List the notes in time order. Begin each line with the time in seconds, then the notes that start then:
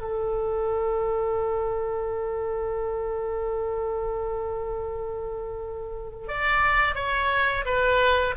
0.00 A4
6.28 D5
6.95 C#5
7.65 B4